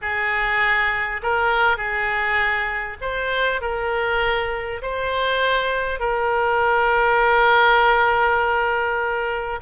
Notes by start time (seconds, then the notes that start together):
0.01 G#4
1.22 A#4
1.77 G#4
3.01 C5
3.61 A#4
4.82 C5
5.99 A#4